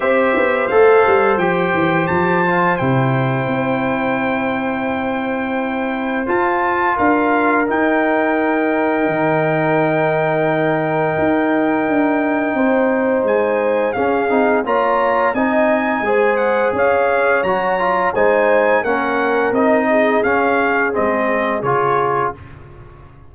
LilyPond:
<<
  \new Staff \with { instrumentName = "trumpet" } { \time 4/4 \tempo 4 = 86 e''4 f''4 g''4 a''4 | g''1~ | g''4 a''4 f''4 g''4~ | g''1~ |
g''2. gis''4 | f''4 ais''4 gis''4. fis''8 | f''4 ais''4 gis''4 fis''4 | dis''4 f''4 dis''4 cis''4 | }
  \new Staff \with { instrumentName = "horn" } { \time 4/4 c''1~ | c''1~ | c''2 ais'2~ | ais'1~ |
ais'2 c''2 | gis'4 cis''4 dis''4 c''4 | cis''2 c''4 ais'4~ | ais'8 gis'2.~ gis'8 | }
  \new Staff \with { instrumentName = "trombone" } { \time 4/4 g'4 a'4 g'4. f'8 | e'1~ | e'4 f'2 dis'4~ | dis'1~ |
dis'1 | cis'8 dis'8 f'4 dis'4 gis'4~ | gis'4 fis'8 f'8 dis'4 cis'4 | dis'4 cis'4 c'4 f'4 | }
  \new Staff \with { instrumentName = "tuba" } { \time 4/4 c'8 b8 a8 g8 f8 e8 f4 | c4 c'2.~ | c'4 f'4 d'4 dis'4~ | dis'4 dis2. |
dis'4 d'4 c'4 gis4 | cis'8 c'8 ais4 c'4 gis4 | cis'4 fis4 gis4 ais4 | c'4 cis'4 gis4 cis4 | }
>>